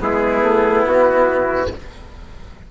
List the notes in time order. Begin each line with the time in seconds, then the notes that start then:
0.00 G#3 B3 E4 G#4
0.42 A3
0.87 B3 F#4